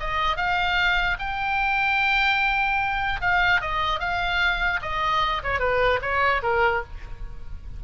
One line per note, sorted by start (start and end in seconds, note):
0.00 0.37 D#5
0.37 1.18 F5
1.20 3.21 G5
3.21 3.61 F5
3.61 4.00 D#5
4.00 4.80 F5
4.82 5.43 D#5
5.44 5.60 C#5
5.60 6.00 B4
6.02 6.42 C#5
6.43 6.83 A#4